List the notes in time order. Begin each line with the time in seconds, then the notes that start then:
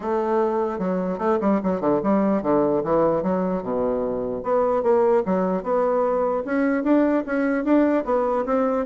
0.00 A3
0.78 F#3
1.18 A3
1.40 G3
1.63 F#3
1.80 D3
2.03 G3
2.42 D3
2.83 E3
3.23 F#3
3.62 B2
4.43 B3
4.82 A#3
5.25 F#3
5.63 B3
6.45 C#4
6.83 D4
7.25 C#4
7.64 D4
8.04 B3
8.45 C4